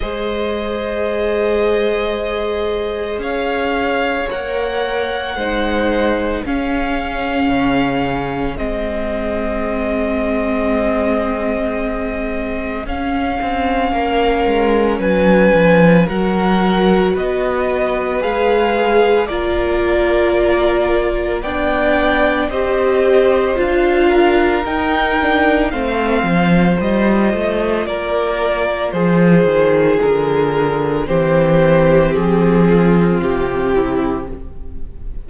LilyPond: <<
  \new Staff \with { instrumentName = "violin" } { \time 4/4 \tempo 4 = 56 dis''2. f''4 | fis''2 f''2 | dis''1 | f''2 gis''4 fis''4 |
dis''4 f''4 d''2 | g''4 dis''4 f''4 g''4 | f''4 dis''4 d''4 c''4 | ais'4 c''4 gis'4 g'4 | }
  \new Staff \with { instrumentName = "violin" } { \time 4/4 c''2. cis''4~ | cis''4 c''4 gis'2~ | gis'1~ | gis'4 ais'4 b'4 ais'4 |
b'2 ais'2 | d''4 c''4. ais'4. | c''2 ais'4 gis'4~ | gis'4 g'4. f'4 e'8 | }
  \new Staff \with { instrumentName = "viola" } { \time 4/4 gis'1 | ais'4 dis'4 cis'2 | c'1 | cis'2. fis'4~ |
fis'4 gis'4 f'2 | d'4 g'4 f'4 dis'8 d'8 | c'4 f'2.~ | f'4 c'2. | }
  \new Staff \with { instrumentName = "cello" } { \time 4/4 gis2. cis'4 | ais4 gis4 cis'4 cis4 | gis1 | cis'8 c'8 ais8 gis8 fis8 f8 fis4 |
b4 gis4 ais2 | b4 c'4 d'4 dis'4 | a8 f8 g8 a8 ais4 f8 dis8 | d4 e4 f4 c4 | }
>>